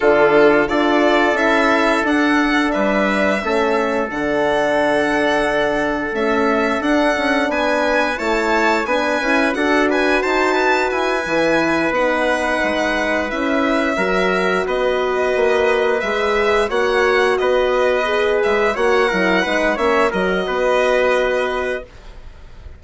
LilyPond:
<<
  \new Staff \with { instrumentName = "violin" } { \time 4/4 \tempo 4 = 88 a'4 d''4 e''4 fis''4 | e''2 fis''2~ | fis''4 e''4 fis''4 gis''4 | a''4 gis''4 fis''8 gis''8 a''4 |
gis''4. fis''2 e''8~ | e''4. dis''2 e''8~ | e''8 fis''4 dis''4. e''8 fis''8~ | fis''4 e''8 dis''2~ dis''8 | }
  \new Staff \with { instrumentName = "trumpet" } { \time 4/4 f'4 a'2. | b'4 a'2.~ | a'2. b'4 | cis''4 b'4 a'8 b'8 c''8 b'8~ |
b'1~ | b'8 ais'4 b'2~ b'8~ | b'8 cis''4 b'2 cis''8 | ais'8 b'8 cis''8 ais'8 b'2 | }
  \new Staff \with { instrumentName = "horn" } { \time 4/4 d'4 f'4 e'4 d'4~ | d'4 cis'4 d'2~ | d'4 a4 d'2 | e'4 d'8 e'8 fis'2~ |
fis'8 e'4 dis'2 e'8~ | e'8 fis'2. gis'8~ | gis'8 fis'2 gis'4 fis'8 | e'8 dis'8 cis'8 fis'2~ fis'8 | }
  \new Staff \with { instrumentName = "bassoon" } { \time 4/4 d4 d'4 cis'4 d'4 | g4 a4 d2~ | d4 cis'4 d'8 cis'8 b4 | a4 b8 cis'8 d'4 dis'4 |
e'8 e4 b4 gis4 cis'8~ | cis'8 fis4 b4 ais4 gis8~ | gis8 ais4 b4. gis8 ais8 | fis8 gis8 ais8 fis8 b2 | }
>>